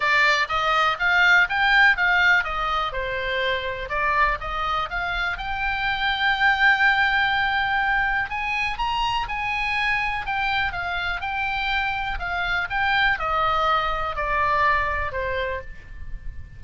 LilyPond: \new Staff \with { instrumentName = "oboe" } { \time 4/4 \tempo 4 = 123 d''4 dis''4 f''4 g''4 | f''4 dis''4 c''2 | d''4 dis''4 f''4 g''4~ | g''1~ |
g''4 gis''4 ais''4 gis''4~ | gis''4 g''4 f''4 g''4~ | g''4 f''4 g''4 dis''4~ | dis''4 d''2 c''4 | }